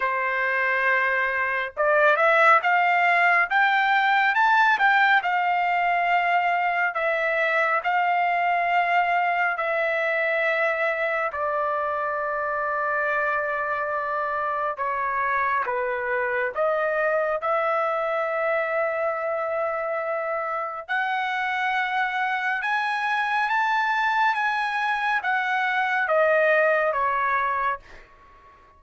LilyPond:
\new Staff \with { instrumentName = "trumpet" } { \time 4/4 \tempo 4 = 69 c''2 d''8 e''8 f''4 | g''4 a''8 g''8 f''2 | e''4 f''2 e''4~ | e''4 d''2.~ |
d''4 cis''4 b'4 dis''4 | e''1 | fis''2 gis''4 a''4 | gis''4 fis''4 dis''4 cis''4 | }